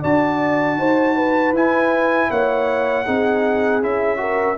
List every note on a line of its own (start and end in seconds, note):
0.00 0.77 D4
0.00 1.54 F#4
0.00 0.76 D5
0.00 1.55 A5
0.77 1.52 D#4
0.77 1.15 C5
1.15 2.29 B4
1.52 2.28 E4
1.52 3.06 E4
1.52 2.31 G#5
2.30 3.06 A#3
2.30 3.04 C#5
2.30 3.82 F#5
3.04 3.83 C4
3.04 3.81 D#4
3.04 4.18 G#4
3.81 4.58 C#4
3.81 4.16 E4
3.81 4.58 E5
4.16 4.54 F#4
4.16 4.57 A#4